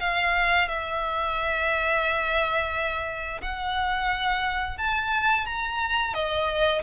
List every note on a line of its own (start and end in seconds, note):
0.00 0.68 F5
0.68 3.41 E5
3.42 4.78 F#5
4.78 5.46 A5
5.46 6.14 A#5
6.14 6.82 D#5